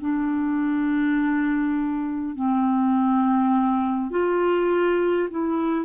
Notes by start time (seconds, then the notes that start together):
0.00 D4
2.35 C4
4.11 F4
5.30 E4